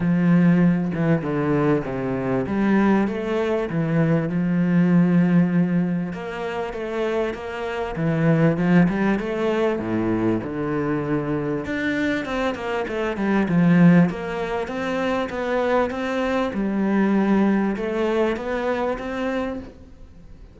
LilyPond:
\new Staff \with { instrumentName = "cello" } { \time 4/4 \tempo 4 = 98 f4. e8 d4 c4 | g4 a4 e4 f4~ | f2 ais4 a4 | ais4 e4 f8 g8 a4 |
a,4 d2 d'4 | c'8 ais8 a8 g8 f4 ais4 | c'4 b4 c'4 g4~ | g4 a4 b4 c'4 | }